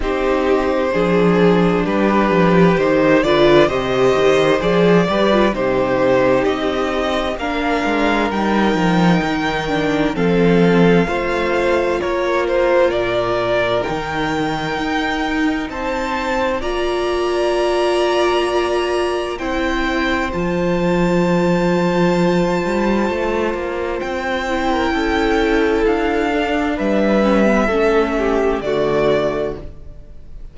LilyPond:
<<
  \new Staff \with { instrumentName = "violin" } { \time 4/4 \tempo 4 = 65 c''2 b'4 c''8 d''8 | dis''4 d''4 c''4 dis''4 | f''4 g''2 f''4~ | f''4 cis''8 c''8 d''4 g''4~ |
g''4 a''4 ais''2~ | ais''4 g''4 a''2~ | a''2 g''2 | f''4 e''2 d''4 | }
  \new Staff \with { instrumentName = "violin" } { \time 4/4 g'4 gis'4 g'4. b'8 | c''4. b'8 g'2 | ais'2. a'4 | c''4 ais'2.~ |
ais'4 c''4 d''2~ | d''4 c''2.~ | c''2~ c''8. ais'16 a'4~ | a'4 b'4 a'8 g'8 fis'4 | }
  \new Staff \with { instrumentName = "viola" } { \time 4/4 dis'4 d'2 dis'8 f'8 | g'4 gis'8 g'16 f'16 dis'2 | d'4 dis'4. d'8 c'4 | f'2. dis'4~ |
dis'2 f'2~ | f'4 e'4 f'2~ | f'2~ f'8 e'4.~ | e'8 d'4 cis'16 b16 cis'4 a4 | }
  \new Staff \with { instrumentName = "cello" } { \time 4/4 c'4 f4 g8 f8 dis8 d8 | c8 dis8 f8 g8 c4 c'4 | ais8 gis8 g8 f8 dis4 f4 | a4 ais4 ais,4 dis4 |
dis'4 c'4 ais2~ | ais4 c'4 f2~ | f8 g8 a8 ais8 c'4 cis'4 | d'4 g4 a4 d4 | }
>>